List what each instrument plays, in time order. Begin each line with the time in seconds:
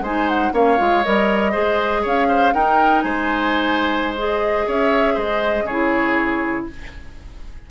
0.00 bassoon G#3, clarinet D#4, oboe C5, flute G#5
0.28 flute F#5
0.53 bassoon A#3, clarinet C#4, oboe C#5, flute F5
0.78 bassoon G#3, clarinet F4
1.04 bassoon G3, clarinet A#4, flute D#5
1.51 bassoon G#3, clarinet G#4, oboe C5
2.02 bassoon C#4, oboe C#5, flute F5
2.28 oboe C5
2.53 clarinet D#4, bassoon D#4, oboe A#4, flute G5
3.01 bassoon G#3, oboe C5, flute G#5
4.18 clarinet G#4, flute D#5
4.67 bassoon C#4, oboe C#5, flute E5
5.14 bassoon G#3, oboe C5, flute D#5
5.63 bassoon C#3, oboe G#4, flute C#5
5.70 clarinet E4